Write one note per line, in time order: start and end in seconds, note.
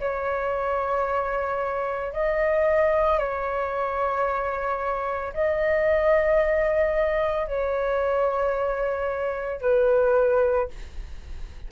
0.00 2.13 C#5
2.13 3.19 D#5
3.19 5.33 C#5
5.33 7.47 D#5
7.47 9.61 C#5
9.61 10.69 B4